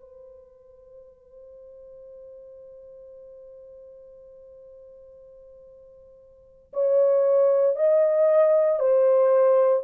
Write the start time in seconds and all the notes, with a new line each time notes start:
0.00 C5
6.73 C#5
7.76 D#5
8.79 C5